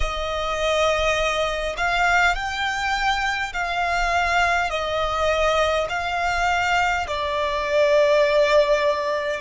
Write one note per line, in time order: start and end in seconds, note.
0.00 1.75 D#5
1.77 2.35 F5
2.35 3.52 G5
3.53 4.70 F5
4.70 5.87 D#5
5.89 7.06 F5
7.06 9.40 D5